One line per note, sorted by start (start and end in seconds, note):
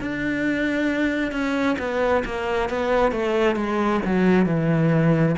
0.00 1.31 D4
1.31 1.76 C#4
1.78 2.23 B3
2.24 2.69 A#3
2.69 3.11 B3
3.11 3.55 A3
3.55 4.00 G#3
4.05 4.45 F#3
4.45 5.35 E3